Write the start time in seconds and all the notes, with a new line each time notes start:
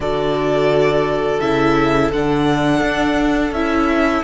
0.00 D3 F#4 A4 D5
1.40 C#3 E4 E5
2.12 D3 D4 F#5
2.81 D4
3.51 C#4 E4 E5